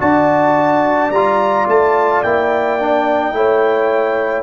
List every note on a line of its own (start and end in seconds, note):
0.00 1.11 D4
0.00 1.11 F#4
0.00 3.34 D5
0.00 1.11 A5
1.11 1.66 G3
1.11 2.25 F4
1.11 1.67 A#5
1.68 2.24 A3
1.68 2.23 A5
2.23 3.33 A#3
2.23 2.80 E4
2.23 4.43 G5
2.80 3.34 D4
3.33 4.43 A3
3.33 4.43 E4
3.33 4.43 C#5